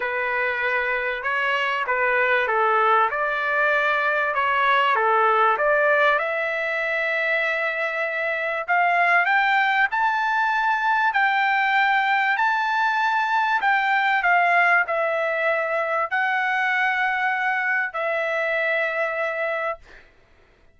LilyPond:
\new Staff \with { instrumentName = "trumpet" } { \time 4/4 \tempo 4 = 97 b'2 cis''4 b'4 | a'4 d''2 cis''4 | a'4 d''4 e''2~ | e''2 f''4 g''4 |
a''2 g''2 | a''2 g''4 f''4 | e''2 fis''2~ | fis''4 e''2. | }